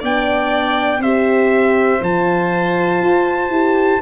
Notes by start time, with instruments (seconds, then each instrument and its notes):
0.00 tuba B3, horn D4, violin D5, trumpet G5
0.99 tuba C4, horn G4, violin C5, trumpet E5
2.01 tuba F3, horn F4, trumpet A5
3.01 tuba F4
3.50 tuba E4, horn G4